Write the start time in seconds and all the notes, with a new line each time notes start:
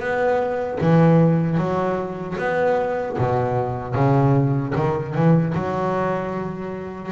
0.00 B3
0.81 E3
1.58 F#3
2.38 B3
3.18 B2
3.95 C#3
4.75 D#3
5.15 E3
5.55 F#3